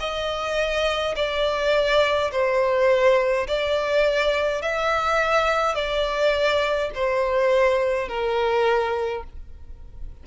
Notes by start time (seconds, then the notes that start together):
0.00 D#5
1.16 D5
2.32 C5
3.48 D5
4.62 E5
5.75 D5
6.95 C5
8.09 A#4